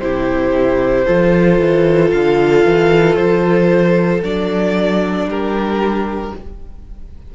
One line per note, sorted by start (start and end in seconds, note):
0.00 1.05 C3
0.00 1.06 E4
0.00 1.06 G4
0.00 2.11 C5
1.06 1.59 F3
1.06 4.22 F4
1.06 5.27 A4
1.59 2.12 E3
2.11 2.65 D3
2.11 3.15 F5
2.65 3.17 E3
3.15 4.22 F3
3.15 4.21 C5
4.23 5.26 F#3
4.23 6.33 D4
4.23 5.29 D5
5.26 6.31 G3
5.26 6.35 G4
5.26 6.35 A#4